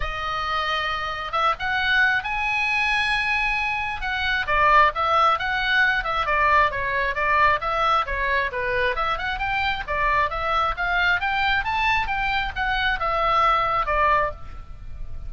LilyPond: \new Staff \with { instrumentName = "oboe" } { \time 4/4 \tempo 4 = 134 dis''2. e''8 fis''8~ | fis''4 gis''2.~ | gis''4 fis''4 d''4 e''4 | fis''4. e''8 d''4 cis''4 |
d''4 e''4 cis''4 b'4 | e''8 fis''8 g''4 d''4 e''4 | f''4 g''4 a''4 g''4 | fis''4 e''2 d''4 | }